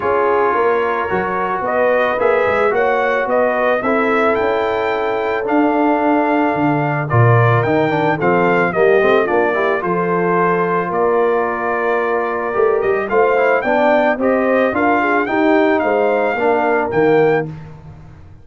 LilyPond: <<
  \new Staff \with { instrumentName = "trumpet" } { \time 4/4 \tempo 4 = 110 cis''2. dis''4 | e''4 fis''4 dis''4 e''4 | g''2 f''2~ | f''4 d''4 g''4 f''4 |
dis''4 d''4 c''2 | d''2.~ d''8 dis''8 | f''4 g''4 dis''4 f''4 | g''4 f''2 g''4 | }
  \new Staff \with { instrumentName = "horn" } { \time 4/4 gis'4 ais'2 b'4~ | b'4 cis''4 b'4 a'4~ | a'1~ | a'4 ais'2 a'4 |
g'4 f'8 g'8 a'2 | ais'1 | c''4 d''4 c''4 ais'8 gis'8 | g'4 c''4 ais'2 | }
  \new Staff \with { instrumentName = "trombone" } { \time 4/4 f'2 fis'2 | gis'4 fis'2 e'4~ | e'2 d'2~ | d'4 f'4 dis'8 d'8 c'4 |
ais8 c'8 d'8 e'8 f'2~ | f'2. g'4 | f'8 e'8 d'4 g'4 f'4 | dis'2 d'4 ais4 | }
  \new Staff \with { instrumentName = "tuba" } { \time 4/4 cis'4 ais4 fis4 b4 | ais8 gis8 ais4 b4 c'4 | cis'2 d'2 | d4 ais,4 dis4 f4 |
g8 a8 ais4 f2 | ais2. a8 g8 | a4 b4 c'4 d'4 | dis'4 gis4 ais4 dis4 | }
>>